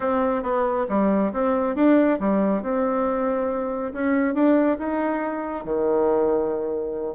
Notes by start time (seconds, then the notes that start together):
0.00 C4
0.42 B3
0.89 G3
1.32 C4
1.75 D4
2.19 G3
2.62 C4
3.93 C#4
4.34 D4
4.78 D#4
5.64 D#3